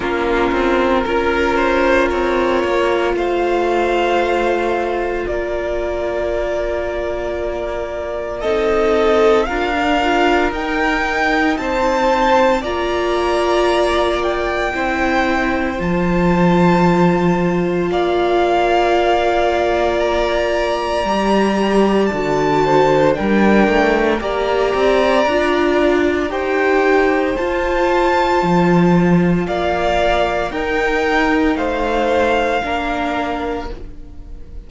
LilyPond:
<<
  \new Staff \with { instrumentName = "violin" } { \time 4/4 \tempo 4 = 57 ais'2. f''4~ | f''4 d''2. | dis''4 f''4 g''4 a''4 | ais''4. g''4. a''4~ |
a''4 f''2 ais''4~ | ais''4 a''4 g''4 ais''4~ | ais''4 g''4 a''2 | f''4 g''4 f''2 | }
  \new Staff \with { instrumentName = "violin" } { \time 4/4 f'4 ais'8 c''8 cis''4 c''4~ | c''4 ais'2. | a'4 ais'2 c''4 | d''2 c''2~ |
c''4 d''2.~ | d''4. c''8 ais'4 d''4~ | d''4 c''2. | d''4 ais'4 c''4 ais'4 | }
  \new Staff \with { instrumentName = "viola" } { \time 4/4 cis'4 f'2.~ | f'1 | dis'4 f'16 d'16 f'8 dis'2 | f'2 e'4 f'4~ |
f'1 | g'4 fis'4 d'4 g'4 | f'4 g'4 f'2~ | f'4 dis'2 d'4 | }
  \new Staff \with { instrumentName = "cello" } { \time 4/4 ais8 c'8 cis'4 c'8 ais8 a4~ | a4 ais2. | c'4 d'4 dis'4 c'4 | ais2 c'4 f4~ |
f4 ais2. | g4 d4 g8 a8 ais8 c'8 | d'4 dis'4 f'4 f4 | ais4 dis'4 a4 ais4 | }
>>